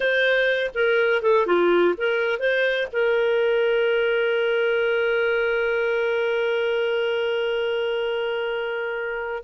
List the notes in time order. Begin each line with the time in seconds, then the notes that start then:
0.00 C5
0.74 A#4
1.22 A4
1.46 F4
1.97 A#4
2.39 C5
2.92 A#4